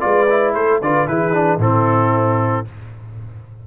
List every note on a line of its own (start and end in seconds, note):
0.00 0.55 G#3
0.00 0.26 F4
0.00 0.55 B4
0.00 0.53 D5
0.29 0.82 E4
0.54 0.81 A3
0.54 0.81 A4
0.54 0.81 C5
0.81 1.07 D3
0.81 1.08 F4
0.81 1.09 B4
0.81 1.07 D5
1.07 1.58 E3
1.07 1.33 E4
1.07 1.62 G#4
1.07 1.60 B4
1.33 1.59 D4
1.58 2.63 A2
1.58 2.65 C4
1.58 2.67 E4
1.58 2.67 A4